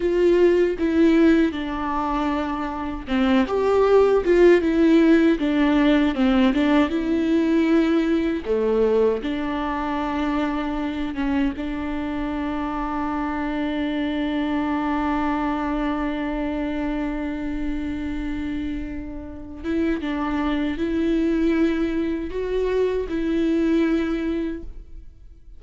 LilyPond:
\new Staff \with { instrumentName = "viola" } { \time 4/4 \tempo 4 = 78 f'4 e'4 d'2 | c'8 g'4 f'8 e'4 d'4 | c'8 d'8 e'2 a4 | d'2~ d'8 cis'8 d'4~ |
d'1~ | d'1~ | d'4. e'8 d'4 e'4~ | e'4 fis'4 e'2 | }